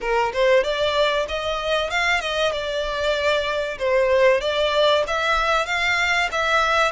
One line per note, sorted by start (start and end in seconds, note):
0.00 0.32 A#4
0.33 0.63 C5
0.63 1.26 D5
1.28 1.90 D#5
1.90 2.20 F5
2.20 2.51 D#5
2.51 3.78 D5
3.78 4.40 C5
4.40 5.04 D5
5.07 5.66 E5
5.66 6.29 F5
6.31 6.91 E5